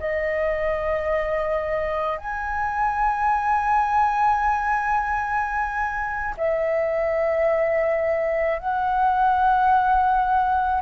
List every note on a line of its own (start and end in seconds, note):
0.00 2.18 D#5
2.18 6.35 G#5
6.37 8.60 E5
8.60 10.82 F#5